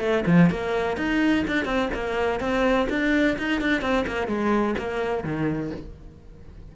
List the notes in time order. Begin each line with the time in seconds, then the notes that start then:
0.00 A3
0.26 F3
0.50 A#3
0.97 D#4
1.47 D4
1.65 C4
1.94 A#3
2.40 C4
2.89 D4
3.38 D#4
3.61 D4
3.81 C4
4.07 A#3
4.27 G#3
4.78 A#3
5.23 D#3